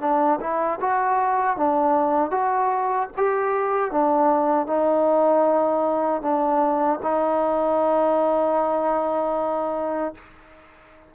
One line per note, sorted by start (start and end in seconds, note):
0.00 0.39 D4
0.40 0.79 E4
0.80 1.57 F#4
1.57 2.31 D4
2.31 3.09 F#4
3.17 3.91 G4
3.91 4.66 D4
4.66 6.21 D#4
6.21 6.99 D4
7.02 10.14 D#4